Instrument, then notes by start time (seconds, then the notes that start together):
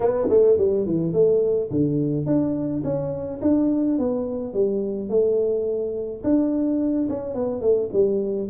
tuba
0.00 B3
0.29 A3
0.57 G3
0.86 E3
1.12 A3
1.70 D3
2.26 D4
2.84 C#4
3.41 D4
3.98 B3
4.53 G3
5.09 A3
6.23 D4
7.09 C#4
7.34 B3
7.61 A3
7.92 G3